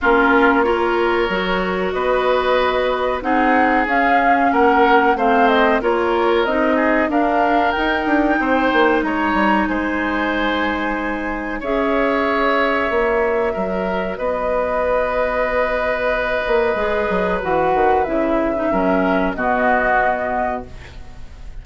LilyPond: <<
  \new Staff \with { instrumentName = "flute" } { \time 4/4 \tempo 4 = 93 ais'4 cis''2 dis''4~ | dis''4 fis''4 f''4 fis''4 | f''8 dis''8 cis''4 dis''4 f''4 | g''2 ais''4 gis''4~ |
gis''2 e''2~ | e''2 dis''2~ | dis''2. fis''4 | e''2 dis''2 | }
  \new Staff \with { instrumentName = "oboe" } { \time 4/4 f'4 ais'2 b'4~ | b'4 gis'2 ais'4 | c''4 ais'4. gis'8 ais'4~ | ais'4 c''4 cis''4 c''4~ |
c''2 cis''2~ | cis''4 ais'4 b'2~ | b'1~ | b'4 ais'4 fis'2 | }
  \new Staff \with { instrumentName = "clarinet" } { \time 4/4 cis'4 f'4 fis'2~ | fis'4 dis'4 cis'2 | c'4 f'4 dis'4 d'4 | dis'1~ |
dis'2 gis'2 | fis'1~ | fis'2 gis'4 fis'4 | e'8. dis'16 cis'4 b2 | }
  \new Staff \with { instrumentName = "bassoon" } { \time 4/4 ais2 fis4 b4~ | b4 c'4 cis'4 ais4 | a4 ais4 c'4 d'4 | dis'8 d'8 c'8 ais8 gis8 g8 gis4~ |
gis2 cis'2 | ais4 fis4 b2~ | b4. ais8 gis8 fis8 e8 dis8 | cis4 fis4 b,2 | }
>>